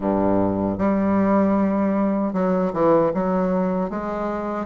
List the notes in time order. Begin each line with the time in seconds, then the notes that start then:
0.00 G2
0.78 G3
2.33 F#3
2.73 E3
3.13 F#3
3.90 G#3